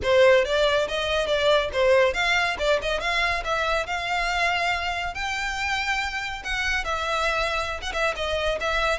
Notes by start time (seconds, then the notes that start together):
0.02 C5
0.44 D5
0.88 D#5
1.26 D5
1.72 C5
2.13 F5
2.58 D5
2.82 D#5
3.00 F5
3.44 E5
3.86 F5
5.14 G5
6.44 F#5
6.84 E5
7.81 F#5
7.93 E5
8.15 D#5
8.60 E5